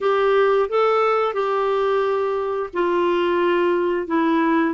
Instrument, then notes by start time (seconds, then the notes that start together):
clarinet
0.01 G4
0.69 A4
1.33 G4
2.73 F4
4.07 E4